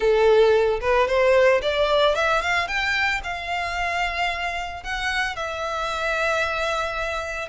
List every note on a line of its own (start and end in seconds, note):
0.00 0.79 A4
0.80 1.07 B4
1.07 1.61 C5
1.61 2.15 D5
2.15 2.41 E5
2.41 2.67 F5
2.67 3.21 G5
3.23 4.83 F5
4.83 5.36 F#5
5.36 7.48 E5